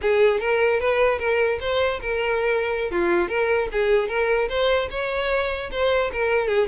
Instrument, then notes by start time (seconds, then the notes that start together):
violin
0.01 G#4
0.40 A#4
0.80 B4
1.18 A#4
1.60 C5
2.01 A#4
2.91 F4
3.28 A#4
3.72 G#4
4.08 A#4
4.48 C5
4.90 C#5
5.71 C5
6.12 A#4
6.47 G#4